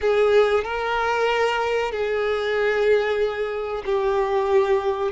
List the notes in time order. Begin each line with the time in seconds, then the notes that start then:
0.01 G#4
0.64 A#4
1.91 G#4
3.85 G4